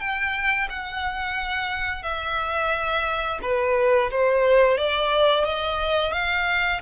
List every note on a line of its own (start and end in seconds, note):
0.00 0.68 G5
0.70 2.03 F#5
2.03 3.39 E5
3.42 4.11 B4
4.11 4.78 C5
4.78 5.45 D5
5.45 6.13 D#5
6.13 6.81 F5